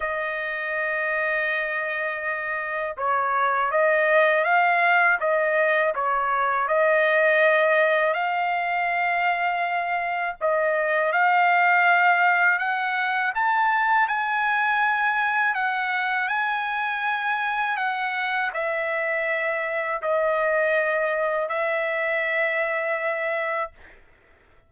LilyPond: \new Staff \with { instrumentName = "trumpet" } { \time 4/4 \tempo 4 = 81 dis''1 | cis''4 dis''4 f''4 dis''4 | cis''4 dis''2 f''4~ | f''2 dis''4 f''4~ |
f''4 fis''4 a''4 gis''4~ | gis''4 fis''4 gis''2 | fis''4 e''2 dis''4~ | dis''4 e''2. | }